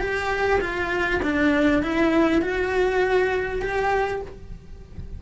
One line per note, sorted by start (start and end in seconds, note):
0.00 0.60 G4
0.61 1.21 F4
1.23 1.83 D4
1.83 2.42 E4
2.42 3.62 F#4
3.62 4.22 G4